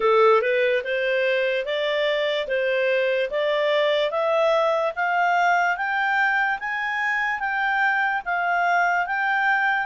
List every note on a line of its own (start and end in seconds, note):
0.00 0.41 A4
0.41 0.82 B4
0.84 1.65 C5
1.65 2.47 D5
2.47 3.30 C5
3.30 4.10 D5
4.10 4.92 E5
4.95 5.76 F5
5.76 6.59 G5
6.59 7.39 G#5
7.39 8.22 G5
8.25 9.06 F5
9.06 9.86 G5